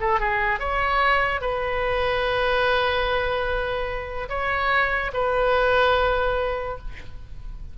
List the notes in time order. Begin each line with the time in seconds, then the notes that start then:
0.00 A4
0.20 G#4
0.59 C#5
1.41 B4
4.29 C#5
5.13 B4